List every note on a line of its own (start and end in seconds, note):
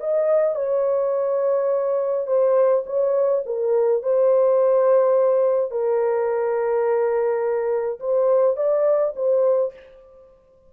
0.00 0.56 D#5
0.56 2.27 C#5
2.27 2.84 C5
2.86 3.43 C#5
3.46 4.03 A#4
4.03 5.71 C5
5.71 7.99 A#4
8.00 8.57 C5
8.57 9.14 D5
9.16 9.73 C5